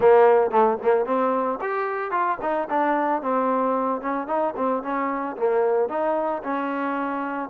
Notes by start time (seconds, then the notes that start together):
0.00 A#3
0.50 A3
0.82 A#3
1.05 C4
1.61 G4
2.11 F4
2.41 D#4
2.69 D4
3.21 C4
4.01 C#4
4.27 D#4
4.56 C4
4.82 C#4
5.36 A#3
5.89 D#4
6.43 C#4